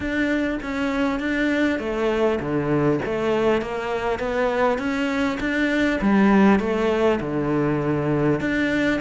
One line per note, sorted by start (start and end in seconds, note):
0.00 0.59 D4
0.62 1.19 C#4
1.19 1.79 D4
1.79 2.39 A3
2.40 3.00 D3
3.05 3.61 A3
3.61 4.19 A#3
4.19 4.78 B3
4.78 5.38 C#4
5.39 5.99 D4
6.01 6.59 G3
6.59 7.19 A3
7.20 8.40 D3
8.40 9.00 D4